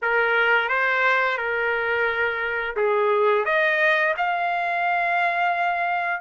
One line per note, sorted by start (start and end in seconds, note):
0.02 0.68 A#4
0.68 1.37 C5
1.37 2.75 A#4
2.76 3.45 G#4
3.45 4.14 D#5
4.17 6.21 F5